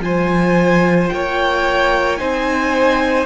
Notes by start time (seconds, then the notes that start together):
0.00 F3 F4 C5 G#5
1.09 A#3 C#5 G5
2.17 C4 D#4 C5 G#5